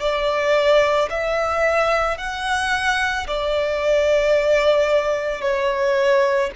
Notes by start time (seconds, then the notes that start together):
0.00 D5
1.10 E5
2.18 F#5
3.27 D5
5.41 C#5